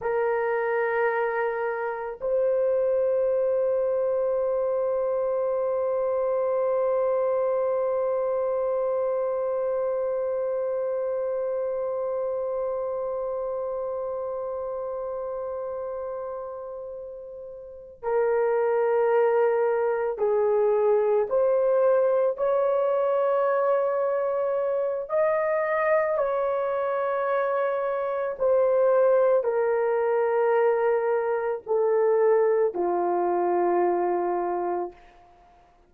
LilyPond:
\new Staff \with { instrumentName = "horn" } { \time 4/4 \tempo 4 = 55 ais'2 c''2~ | c''1~ | c''1~ | c''1~ |
c''8 ais'2 gis'4 c''8~ | c''8 cis''2~ cis''8 dis''4 | cis''2 c''4 ais'4~ | ais'4 a'4 f'2 | }